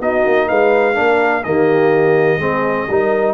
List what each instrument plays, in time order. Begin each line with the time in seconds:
0.00 tuba B3, trombone D#4, horn F#4, trumpet D#5
0.26 tuba A#3
0.47 tuba G#3, horn B4, trumpet F5
0.94 tuba A#3, trombone D4, horn A#4
1.43 tuba D#3, trombone A#3, horn G4, trumpet D#5
2.38 tuba G#3, trombone C4, horn G#4
2.89 tuba G3, trombone D#4, horn A#4